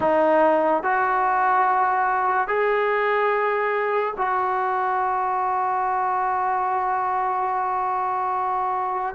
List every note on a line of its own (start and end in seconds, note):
0.00 0.83 D#4
0.83 2.47 F#4
2.47 4.14 G#4
4.17 9.15 F#4